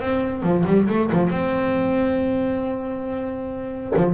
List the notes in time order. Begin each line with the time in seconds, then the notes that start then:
0.00 C4
0.43 F3
0.66 G3
0.89 A3
1.12 F3
1.30 C4
3.96 F3